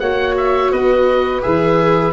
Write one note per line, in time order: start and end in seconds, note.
0.00 0.72 A#3
0.00 1.42 F#4
0.00 0.72 C#5
0.00 0.35 F#5
0.37 0.72 E5
0.72 1.44 B3
0.72 2.13 B4
0.72 1.42 D#5
1.42 2.13 E3
1.42 2.12 G#4
1.42 2.13 E5